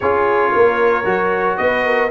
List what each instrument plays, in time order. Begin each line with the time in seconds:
0.00 tuba C#4, trombone F4, horn G#4, trumpet C#5
0.54 tuba A#3, horn A#4
1.04 tuba F#3, trombone F#4
1.57 tuba B3, horn B4, trumpet D#5
1.85 horn A#4